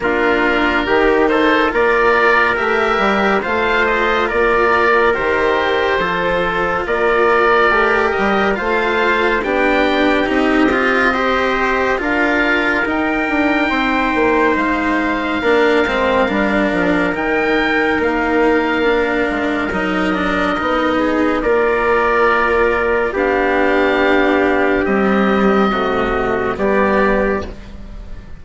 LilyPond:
<<
  \new Staff \with { instrumentName = "oboe" } { \time 4/4 \tempo 4 = 70 ais'4. c''8 d''4 e''4 | f''8 dis''8 d''4 c''2 | d''4. dis''8 f''4 g''4 | dis''2 f''4 g''4~ |
g''4 f''2. | g''4 f''2 dis''4~ | dis''4 d''2 f''4~ | f''4 dis''2 d''4 | }
  \new Staff \with { instrumentName = "trumpet" } { \time 4/4 f'4 g'8 a'8 ais'2 | c''4 ais'2 a'4 | ais'2 c''4 g'4~ | g'4 c''4 ais'2 |
c''2 ais'2~ | ais'1~ | ais'8 gis'8 ais'2 g'4~ | g'2 fis'4 g'4 | }
  \new Staff \with { instrumentName = "cello" } { \time 4/4 d'4 dis'4 f'4 g'4 | f'2 g'4 f'4~ | f'4 g'4 f'4 d'4 | dis'8 f'8 g'4 f'4 dis'4~ |
dis'2 d'8 c'8 d'4 | dis'2 d'4 dis'8 d'8 | dis'4 f'2 d'4~ | d'4 g4 a4 b4 | }
  \new Staff \with { instrumentName = "bassoon" } { \time 4/4 ais4 dis4 ais4 a8 g8 | a4 ais4 dis4 f4 | ais4 a8 g8 a4 b4 | c'2 d'4 dis'8 d'8 |
c'8 ais8 gis4 ais8 gis8 g8 f8 | dis4 ais4. gis8 fis4 | b4 ais2 b4~ | b4 c'4 c4 g4 | }
>>